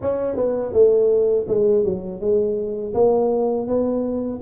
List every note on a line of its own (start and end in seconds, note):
0.01 0.36 C#4
0.36 0.72 B3
0.72 1.45 A3
1.47 1.84 G#3
1.84 2.20 F#3
2.20 2.93 G#3
2.93 3.67 A#3
3.67 4.40 B3